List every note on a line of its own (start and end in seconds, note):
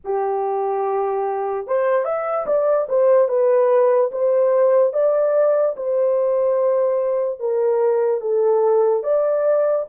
0.04 1.67 G4
1.67 2.04 C5
2.04 2.45 E5
2.46 2.87 D5
2.88 3.28 C5
3.28 4.10 B4
4.11 4.93 C5
4.93 5.75 D5
5.76 7.39 C5
7.39 8.20 A#4
8.20 9.03 A4
9.03 9.85 D5